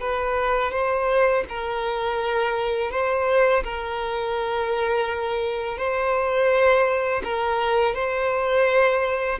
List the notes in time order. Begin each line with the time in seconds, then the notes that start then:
0.00 B4
0.72 C5
1.49 A#4
2.91 C5
3.63 A#4
5.78 C5
7.24 A#4
7.94 C5